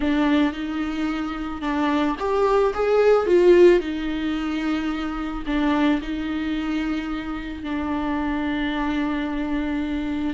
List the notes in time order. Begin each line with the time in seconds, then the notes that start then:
0.00 D4
0.52 D#4
1.61 D4
2.19 G4
2.73 G#4
3.26 F4
3.80 D#4
5.46 D4
6.01 D#4
7.63 D4